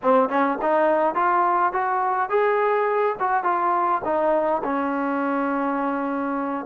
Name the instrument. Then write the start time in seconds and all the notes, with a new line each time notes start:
trombone
0.02 C4
0.29 C#4
0.61 D#4
1.15 F4
1.72 F#4
2.29 G#4
3.19 F#4
3.43 F4
4.04 D#4
4.63 C#4